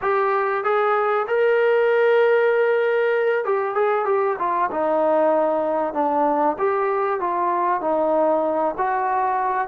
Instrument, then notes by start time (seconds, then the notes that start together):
trombone
0.01 G4
0.64 G#4
1.27 A#4
3.45 G4
3.74 G#4
4.05 G4
4.39 F4
4.71 D#4
5.93 D4
6.58 G4
7.20 F4
7.81 D#4
8.77 F#4